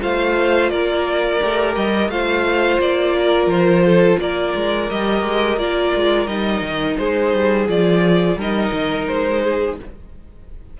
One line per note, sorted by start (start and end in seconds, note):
0.00 0.71 A3
0.00 1.40 F4
0.00 0.71 C5
0.00 0.69 F5
0.69 1.41 A#3
0.69 2.10 A#4
0.69 1.74 D5
1.41 1.76 A3
1.41 2.11 G4
1.75 2.08 G3
1.75 2.10 D#5
2.08 2.78 A3
2.08 4.90 F4
2.08 3.16 C5
2.08 2.80 F5
2.79 3.46 A#3
2.79 3.49 D5
3.19 3.85 A#4
3.46 4.16 F3
3.46 4.19 C5
3.85 4.20 A4
4.19 4.53 A#3
4.19 6.99 A#4
4.19 4.90 D5
4.55 4.90 G#3
4.90 5.23 G3
4.90 5.58 G4
4.90 5.59 D#5
5.23 5.57 G#3
5.57 5.91 A#3
5.57 6.27 F4
5.57 6.27 D5
5.95 6.27 G#3
6.27 6.61 G3
6.27 7.66 D#4
6.27 6.97 D#5
6.61 6.96 D#3
6.98 7.33 G#3
6.98 8.38 G#4
6.98 7.67 C5
7.33 7.68 G3
7.68 8.36 F3
7.68 8.38 F4
7.68 8.39 D5
8.36 8.70 G3
8.36 9.79 D#4
8.36 9.43 A#4
8.36 9.07 D#5
8.72 9.07 D#3
9.07 9.80 G#3
9.07 9.77 C5
9.43 9.78 G#4